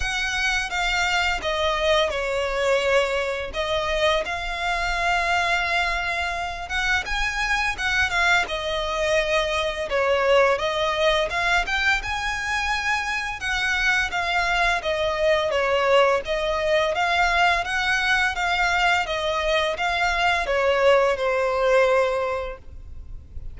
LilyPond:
\new Staff \with { instrumentName = "violin" } { \time 4/4 \tempo 4 = 85 fis''4 f''4 dis''4 cis''4~ | cis''4 dis''4 f''2~ | f''4. fis''8 gis''4 fis''8 f''8 | dis''2 cis''4 dis''4 |
f''8 g''8 gis''2 fis''4 | f''4 dis''4 cis''4 dis''4 | f''4 fis''4 f''4 dis''4 | f''4 cis''4 c''2 | }